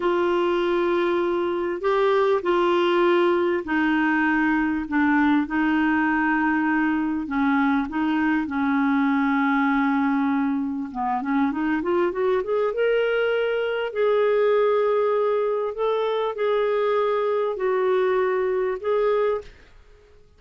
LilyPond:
\new Staff \with { instrumentName = "clarinet" } { \time 4/4 \tempo 4 = 99 f'2. g'4 | f'2 dis'2 | d'4 dis'2. | cis'4 dis'4 cis'2~ |
cis'2 b8 cis'8 dis'8 f'8 | fis'8 gis'8 ais'2 gis'4~ | gis'2 a'4 gis'4~ | gis'4 fis'2 gis'4 | }